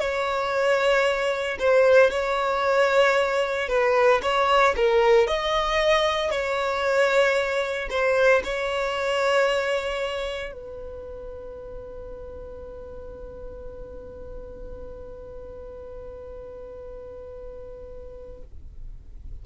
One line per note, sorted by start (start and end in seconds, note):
0.00 1.58 C#5
1.59 2.11 C5
2.11 3.69 C#5
3.69 4.22 B4
4.22 4.75 C#5
4.77 5.27 A#4
5.27 6.31 D#5
6.31 7.89 C#5
7.90 8.43 C5
8.44 10.53 C#5
10.53 18.43 B4